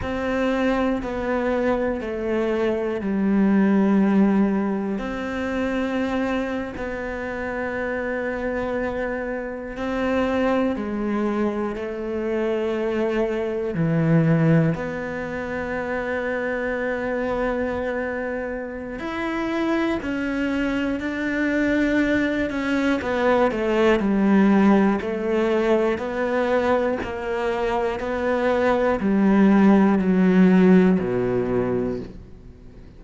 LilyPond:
\new Staff \with { instrumentName = "cello" } { \time 4/4 \tempo 4 = 60 c'4 b4 a4 g4~ | g4 c'4.~ c'16 b4~ b16~ | b4.~ b16 c'4 gis4 a16~ | a4.~ a16 e4 b4~ b16~ |
b2. e'4 | cis'4 d'4. cis'8 b8 a8 | g4 a4 b4 ais4 | b4 g4 fis4 b,4 | }